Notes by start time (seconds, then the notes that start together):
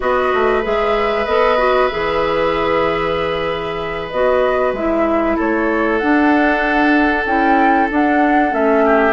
0.00 B3 F#4 B4 D#5
0.33 A3
0.62 G#3 G#4 E5
1.26 B3 A4 D#5
1.58 F#4
1.87 E3 G#4 E5
4.09 B3 F#4 D#5
4.72 G#3 E4 E5
5.36 A3 A4 C#5
5.98 D4 F#5
7.25 C#4 E4 G5
7.90 D4 F#5
8.50 A3 C#4 E5
8.85 G4